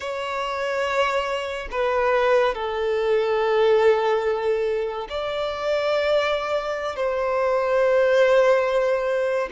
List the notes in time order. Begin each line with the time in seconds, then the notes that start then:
0.00 C#5
1.71 B4
2.54 A4
5.09 D5
6.95 C5